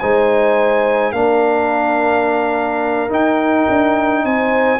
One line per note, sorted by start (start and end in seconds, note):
0.00 1.14 G#3
0.00 1.14 D#4
0.00 1.13 C5
0.00 1.13 G#5
1.13 3.11 A#3
1.13 3.10 D4
1.13 4.24 A#4
1.13 3.11 F5
3.10 4.79 D#4
3.10 3.67 D#4
3.10 4.26 G5
3.70 4.25 D4
4.25 4.80 C4
4.25 4.80 C5
4.25 4.80 G#5